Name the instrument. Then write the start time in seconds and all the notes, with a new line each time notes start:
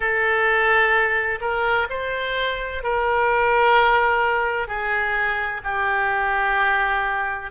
oboe
0.00 A4
1.41 A#4
1.89 C5
2.83 A#4
4.67 G#4
5.63 G4